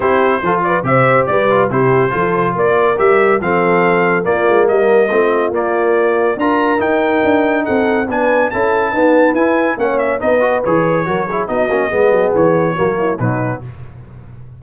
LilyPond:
<<
  \new Staff \with { instrumentName = "trumpet" } { \time 4/4 \tempo 4 = 141 c''4. d''8 e''4 d''4 | c''2 d''4 e''4 | f''2 d''4 dis''4~ | dis''4 d''2 ais''4 |
g''2 fis''4 gis''4 | a''2 gis''4 fis''8 e''8 | dis''4 cis''2 dis''4~ | dis''4 cis''2 b'4 | }
  \new Staff \with { instrumentName = "horn" } { \time 4/4 g'4 a'8 b'8 c''4 b'4 | g'4 a'4 ais'2 | a'2 f'4 ais'4 | f'2. ais'4~ |
ais'2 a'4 b'4 | a'4 b'2 cis''4 | b'2 ais'8 gis'8 fis'4 | gis'2 fis'8 e'8 dis'4 | }
  \new Staff \with { instrumentName = "trombone" } { \time 4/4 e'4 f'4 g'4. f'8 | e'4 f'2 g'4 | c'2 ais2 | c'4 ais2 f'4 |
dis'2. d'4 | e'4 b4 e'4 cis'4 | dis'8 fis'8 gis'4 fis'8 e'8 dis'8 cis'8 | b2 ais4 fis4 | }
  \new Staff \with { instrumentName = "tuba" } { \time 4/4 c'4 f4 c4 g4 | c4 f4 ais4 g4 | f2 ais8 gis8 g4 | a4 ais2 d'4 |
dis'4 d'4 c'4 b4 | cis'4 dis'4 e'4 ais4 | b4 e4 fis4 b8 ais8 | gis8 fis8 e4 fis4 b,4 | }
>>